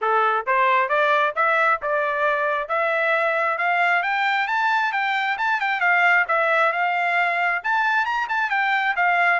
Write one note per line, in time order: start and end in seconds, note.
0.01 0.46 A4
0.46 0.88 C5
0.88 1.33 D5
1.35 1.80 E5
1.82 2.68 D5
2.68 3.58 E5
3.58 4.02 F5
4.03 4.47 G5
4.47 4.92 A5
4.92 5.37 G5
5.38 5.60 A5
5.60 5.80 G5
5.80 6.25 F5
6.28 6.72 E5
6.72 7.61 F5
7.63 8.05 A5
8.05 8.27 A#5
8.29 8.50 A5
8.50 8.94 G5
8.96 9.40 F5